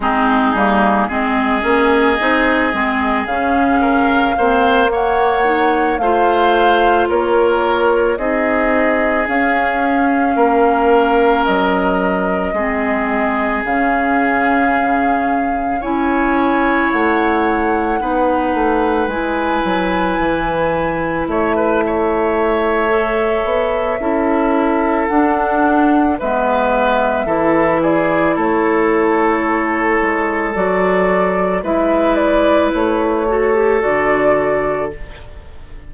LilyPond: <<
  \new Staff \with { instrumentName = "flute" } { \time 4/4 \tempo 4 = 55 gis'4 dis''2 f''4~ | f''8 fis''4 f''4 cis''4 dis''8~ | dis''8 f''2 dis''4.~ | dis''8 f''2 gis''4 fis''8~ |
fis''4. gis''2 e''8~ | e''2. fis''4 | e''4. d''8 cis''2 | d''4 e''8 d''8 cis''4 d''4 | }
  \new Staff \with { instrumentName = "oboe" } { \time 4/4 dis'4 gis'2~ gis'8 ais'8 | c''8 cis''4 c''4 ais'4 gis'8~ | gis'4. ais'2 gis'8~ | gis'2~ gis'8 cis''4.~ |
cis''8 b'2. cis''16 b'16 | cis''2 a'2 | b'4 a'8 gis'8 a'2~ | a'4 b'4. a'4. | }
  \new Staff \with { instrumentName = "clarinet" } { \time 4/4 c'8 ais8 c'8 cis'8 dis'8 c'8 cis'4 | c'8 ais8 dis'8 f'2 dis'8~ | dis'8 cis'2. c'8~ | c'8 cis'2 e'4.~ |
e'8 dis'4 e'2~ e'8~ | e'4 a'4 e'4 d'4 | b4 e'2. | fis'4 e'4. fis'16 g'16 fis'4 | }
  \new Staff \with { instrumentName = "bassoon" } { \time 4/4 gis8 g8 gis8 ais8 c'8 gis8 cis4 | ais4. a4 ais4 c'8~ | c'8 cis'4 ais4 fis4 gis8~ | gis8 cis2 cis'4 a8~ |
a8 b8 a8 gis8 fis8 e4 a8~ | a4. b8 cis'4 d'4 | gis4 e4 a4. gis8 | fis4 gis4 a4 d4 | }
>>